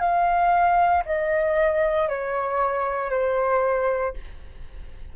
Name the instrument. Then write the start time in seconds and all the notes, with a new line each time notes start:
flute
0.00 F5
1.06 D#5
2.09 C#5
3.11 C5